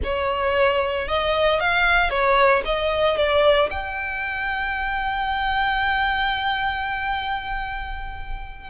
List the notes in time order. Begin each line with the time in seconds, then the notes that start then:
0.03 C#5
1.08 D#5
1.60 F5
2.10 C#5
2.65 D#5
3.17 D5
3.70 G5